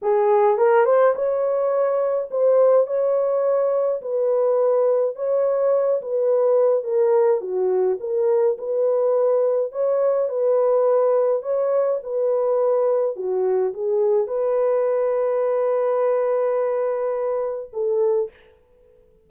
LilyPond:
\new Staff \with { instrumentName = "horn" } { \time 4/4 \tempo 4 = 105 gis'4 ais'8 c''8 cis''2 | c''4 cis''2 b'4~ | b'4 cis''4. b'4. | ais'4 fis'4 ais'4 b'4~ |
b'4 cis''4 b'2 | cis''4 b'2 fis'4 | gis'4 b'2.~ | b'2. a'4 | }